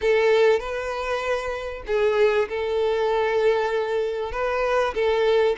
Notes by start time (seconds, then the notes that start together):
0.01 A4
0.59 B4
1.86 G#4
2.48 A4
4.32 B4
4.94 A4